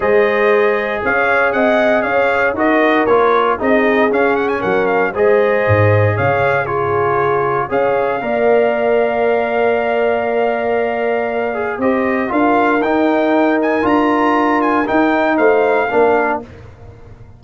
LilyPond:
<<
  \new Staff \with { instrumentName = "trumpet" } { \time 4/4 \tempo 4 = 117 dis''2 f''4 fis''4 | f''4 dis''4 cis''4 dis''4 | f''8 fis''16 gis''16 fis''8 f''8 dis''2 | f''4 cis''2 f''4~ |
f''1~ | f''2. dis''4 | f''4 g''4. gis''8 ais''4~ | ais''8 gis''8 g''4 f''2 | }
  \new Staff \with { instrumentName = "horn" } { \time 4/4 c''2 cis''4 dis''4 | cis''4 ais'2 gis'4~ | gis'4 ais'4 c''2 | cis''4 gis'2 cis''4 |
d''1~ | d''2. c''4 | ais'1~ | ais'2 c''4 ais'4 | }
  \new Staff \with { instrumentName = "trombone" } { \time 4/4 gis'1~ | gis'4 fis'4 f'4 dis'4 | cis'2 gis'2~ | gis'4 f'2 gis'4 |
ais'1~ | ais'2~ ais'8 gis'8 g'4 | f'4 dis'2 f'4~ | f'4 dis'2 d'4 | }
  \new Staff \with { instrumentName = "tuba" } { \time 4/4 gis2 cis'4 c'4 | cis'4 dis'4 ais4 c'4 | cis'4 fis4 gis4 gis,4 | cis2. cis'4 |
ais1~ | ais2. c'4 | d'4 dis'2 d'4~ | d'4 dis'4 a4 ais4 | }
>>